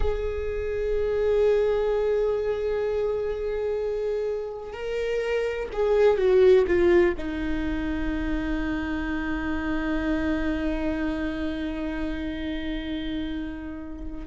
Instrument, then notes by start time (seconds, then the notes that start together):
viola
0.00 G#4
4.73 A#4
5.72 G#4
6.17 F#4
6.67 F4
7.17 D#4